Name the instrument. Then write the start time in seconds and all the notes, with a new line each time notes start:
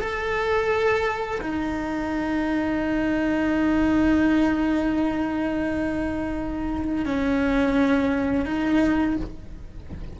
cello
0.00 A4
1.41 D#4
7.06 C#4
8.46 D#4